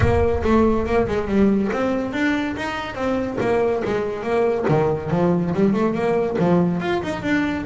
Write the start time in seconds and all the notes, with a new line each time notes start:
0.00 A#3
0.43 A3
0.86 A#3
1.07 G#3
1.27 G3
1.72 C4
2.13 D4
2.56 D#4
2.95 C4
3.40 A#3
3.84 G#3
4.22 A#3
4.68 D#3
5.10 F3
5.54 G3
5.73 A3
5.94 A#3
6.38 F3
6.80 F4
7.03 D#4
7.22 D4